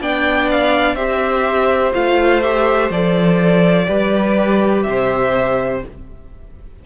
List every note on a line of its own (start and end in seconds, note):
0.00 0.94 B3
0.00 0.97 D4
0.00 0.95 D5
0.00 0.50 G5
0.50 0.95 F5
0.94 1.91 C4
0.94 1.93 G4
0.94 3.85 C5
0.94 1.92 E5
1.93 2.90 A3
1.93 2.42 F4
1.93 2.42 F5
2.42 2.90 G4
2.42 2.90 E5
2.90 3.86 F3
2.90 3.86 A4
2.90 4.82 D5
3.86 4.85 G3
3.86 5.80 G4
3.86 4.84 B4
4.82 5.82 C3
4.82 5.79 E5
4.89 5.85 C5